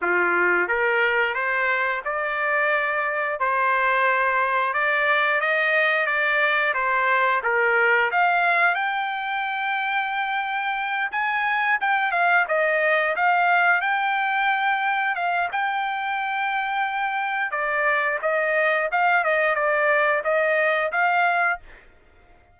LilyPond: \new Staff \with { instrumentName = "trumpet" } { \time 4/4 \tempo 4 = 89 f'4 ais'4 c''4 d''4~ | d''4 c''2 d''4 | dis''4 d''4 c''4 ais'4 | f''4 g''2.~ |
g''8 gis''4 g''8 f''8 dis''4 f''8~ | f''8 g''2 f''8 g''4~ | g''2 d''4 dis''4 | f''8 dis''8 d''4 dis''4 f''4 | }